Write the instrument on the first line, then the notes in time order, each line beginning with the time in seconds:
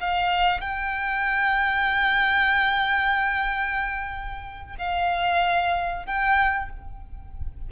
violin
0.00 F5
0.61 G5
4.78 F5
6.06 G5